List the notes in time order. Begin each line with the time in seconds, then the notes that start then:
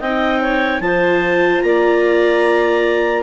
0.00 C4 D#4 D#5 G5
0.41 C#5
0.80 F3 F4 C5 A5
1.61 A#3 D5 A#5